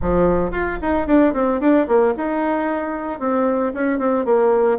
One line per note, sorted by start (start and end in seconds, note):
0.01 0.51 F3
0.51 0.77 F4
0.81 1.07 D#4
1.07 1.33 D4
1.33 1.60 C4
1.60 1.87 D4
1.87 2.14 A#3
2.16 3.19 D#4
3.19 3.72 C4
3.73 3.98 C#4
3.98 4.25 C4
4.25 4.78 A#3